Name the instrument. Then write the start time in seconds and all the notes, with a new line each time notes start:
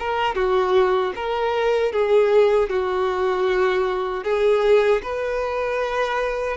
violin
0.00 A#4
0.35 F#4
1.16 A#4
1.93 G#4
2.70 F#4
4.24 G#4
5.03 B4